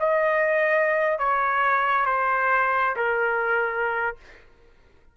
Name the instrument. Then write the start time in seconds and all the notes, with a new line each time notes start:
trumpet
0.00 D#5
1.19 C#5
2.06 C5
2.96 A#4